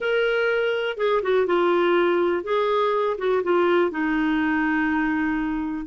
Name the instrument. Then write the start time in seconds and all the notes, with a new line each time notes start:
clarinet
0.00 A#4
0.97 G#4
1.22 F#4
1.46 F4
2.43 G#4
3.18 F#4
3.43 F4
3.90 D#4